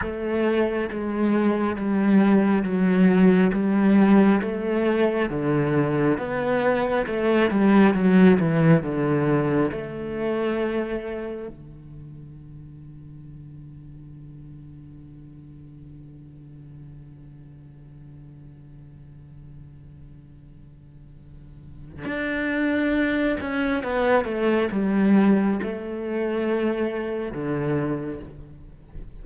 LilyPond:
\new Staff \with { instrumentName = "cello" } { \time 4/4 \tempo 4 = 68 a4 gis4 g4 fis4 | g4 a4 d4 b4 | a8 g8 fis8 e8 d4 a4~ | a4 d2.~ |
d1~ | d1~ | d4 d'4. cis'8 b8 a8 | g4 a2 d4 | }